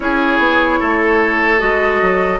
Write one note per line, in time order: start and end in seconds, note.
0.00 0.39 C#4
0.00 1.58 E4
0.00 0.79 G#4
0.00 1.59 C#5
0.39 0.79 B3
0.79 1.61 A3
0.79 2.39 A4
1.58 2.01 G#3
1.58 2.38 F#4
1.58 2.39 D#5
2.01 2.39 F#3